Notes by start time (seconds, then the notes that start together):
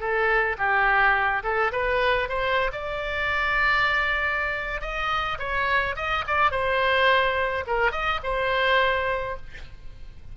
0.00 A4
0.58 G4
1.43 A4
1.72 B4
2.29 C5
2.72 D5
4.81 D#5
5.39 C#5
5.96 D#5
6.27 D5
6.51 C5
7.67 A#4
7.92 D#5
8.23 C5